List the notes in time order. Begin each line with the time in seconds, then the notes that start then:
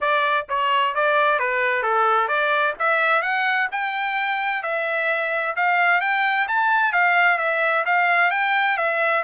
0.00 D5
0.48 C#5
0.94 D5
1.39 B4
1.82 A4
2.28 D5
2.79 E5
3.21 F#5
3.71 G5
4.62 E5
5.56 F5
6.01 G5
6.47 A5
6.93 F5
7.38 E5
7.85 F5
8.31 G5
8.77 E5